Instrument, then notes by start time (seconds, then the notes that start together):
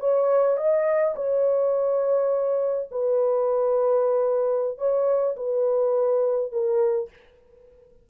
horn
0.00 C#5
0.57 D#5
1.16 C#5
2.91 B4
4.78 C#5
5.37 B4
6.52 A#4